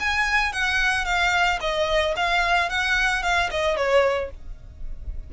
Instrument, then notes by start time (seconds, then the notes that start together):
violin
0.00 G#5
0.53 F#5
1.05 F5
1.61 D#5
2.17 F5
2.70 F#5
3.23 F5
3.51 D#5
3.77 C#5